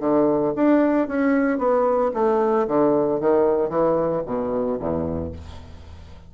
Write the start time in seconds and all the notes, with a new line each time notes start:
0.00 D3
0.56 D4
1.08 C#4
1.58 B3
2.14 A3
2.67 D3
3.20 D#3
3.70 E3
4.26 B2
4.80 E2